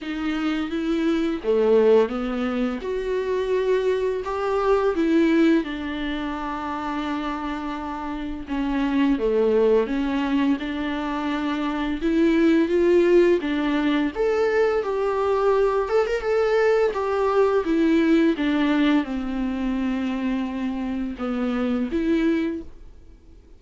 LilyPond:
\new Staff \with { instrumentName = "viola" } { \time 4/4 \tempo 4 = 85 dis'4 e'4 a4 b4 | fis'2 g'4 e'4 | d'1 | cis'4 a4 cis'4 d'4~ |
d'4 e'4 f'4 d'4 | a'4 g'4. a'16 ais'16 a'4 | g'4 e'4 d'4 c'4~ | c'2 b4 e'4 | }